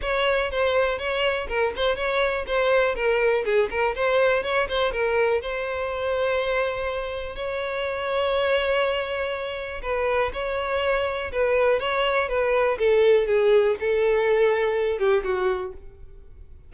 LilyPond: \new Staff \with { instrumentName = "violin" } { \time 4/4 \tempo 4 = 122 cis''4 c''4 cis''4 ais'8 c''8 | cis''4 c''4 ais'4 gis'8 ais'8 | c''4 cis''8 c''8 ais'4 c''4~ | c''2. cis''4~ |
cis''1 | b'4 cis''2 b'4 | cis''4 b'4 a'4 gis'4 | a'2~ a'8 g'8 fis'4 | }